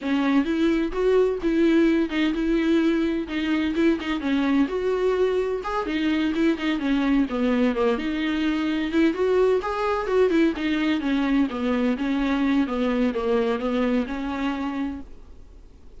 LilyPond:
\new Staff \with { instrumentName = "viola" } { \time 4/4 \tempo 4 = 128 cis'4 e'4 fis'4 e'4~ | e'8 dis'8 e'2 dis'4 | e'8 dis'8 cis'4 fis'2 | gis'8 dis'4 e'8 dis'8 cis'4 b8~ |
b8 ais8 dis'2 e'8 fis'8~ | fis'8 gis'4 fis'8 e'8 dis'4 cis'8~ | cis'8 b4 cis'4. b4 | ais4 b4 cis'2 | }